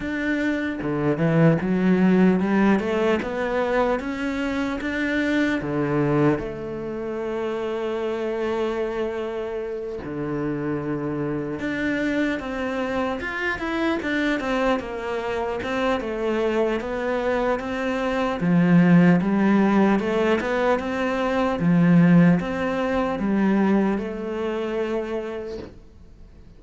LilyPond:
\new Staff \with { instrumentName = "cello" } { \time 4/4 \tempo 4 = 75 d'4 d8 e8 fis4 g8 a8 | b4 cis'4 d'4 d4 | a1~ | a8 d2 d'4 c'8~ |
c'8 f'8 e'8 d'8 c'8 ais4 c'8 | a4 b4 c'4 f4 | g4 a8 b8 c'4 f4 | c'4 g4 a2 | }